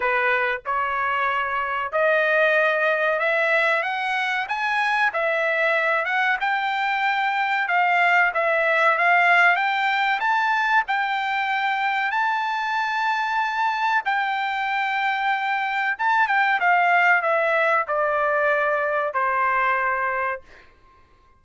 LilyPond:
\new Staff \with { instrumentName = "trumpet" } { \time 4/4 \tempo 4 = 94 b'4 cis''2 dis''4~ | dis''4 e''4 fis''4 gis''4 | e''4. fis''8 g''2 | f''4 e''4 f''4 g''4 |
a''4 g''2 a''4~ | a''2 g''2~ | g''4 a''8 g''8 f''4 e''4 | d''2 c''2 | }